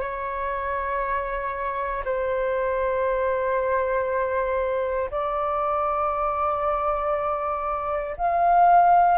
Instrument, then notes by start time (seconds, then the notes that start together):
flute
0.00 C#5
2.04 C5
5.10 D5
8.17 F5